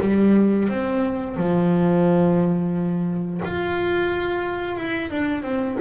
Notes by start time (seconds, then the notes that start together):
0.00 G3
0.68 C4
1.36 F3
3.44 F4
4.76 E4
5.10 D4
5.42 C4